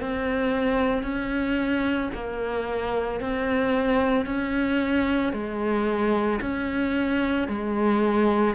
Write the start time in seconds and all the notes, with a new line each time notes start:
0.00 C4
1.03 C#4
2.14 A#3
3.20 C4
4.26 C#4
5.33 G#3
6.40 C#4
7.48 G#3